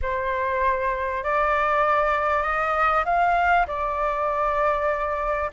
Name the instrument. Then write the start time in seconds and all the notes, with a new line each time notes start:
flute
0.02 C5
1.23 D5
2.42 D#5
3.05 F5
3.67 D5